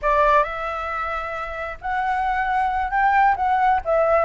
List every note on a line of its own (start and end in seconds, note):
0.02 0.43 D5
0.43 1.78 E5
1.81 2.90 F#5
2.90 3.35 G5
3.36 3.80 F#5
3.84 4.24 E5